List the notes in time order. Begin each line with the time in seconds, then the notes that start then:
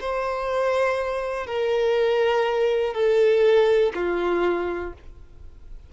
0.00 C5
1.47 A#4
2.94 A4
3.95 F4